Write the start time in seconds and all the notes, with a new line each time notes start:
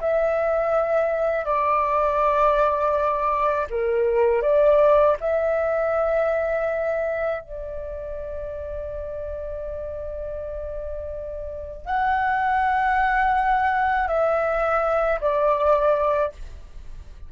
0.00 E5
1.45 D5
3.70 A#4
4.42 D5
5.20 E5
7.41 D5
11.86 F#5
14.07 E5
15.21 D5